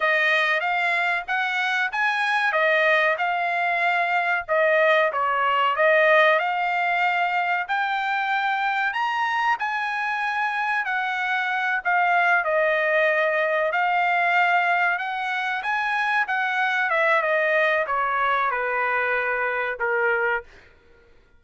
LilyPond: \new Staff \with { instrumentName = "trumpet" } { \time 4/4 \tempo 4 = 94 dis''4 f''4 fis''4 gis''4 | dis''4 f''2 dis''4 | cis''4 dis''4 f''2 | g''2 ais''4 gis''4~ |
gis''4 fis''4. f''4 dis''8~ | dis''4. f''2 fis''8~ | fis''8 gis''4 fis''4 e''8 dis''4 | cis''4 b'2 ais'4 | }